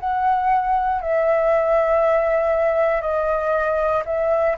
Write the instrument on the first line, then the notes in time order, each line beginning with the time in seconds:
flute
0.00 F#5
1.02 E5
3.02 D#5
4.06 E5